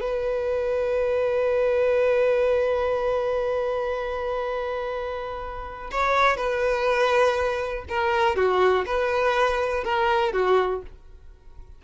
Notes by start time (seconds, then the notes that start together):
0.00 B4
5.91 C#5
6.36 B4
7.89 A#4
8.36 F#4
8.86 B4
9.84 A#4
10.33 F#4